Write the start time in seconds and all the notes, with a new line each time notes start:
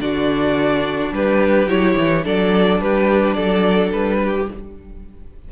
0.00 D3 D4 F#4 D5
1.11 G3 G4 B4
1.66 F#3 E4 C#5
1.97 E3
2.24 F#3 D4 A4 D5
2.80 G3 G4 B4
3.34 F#3 A4 D5
3.92 G3 B4
4.23 G4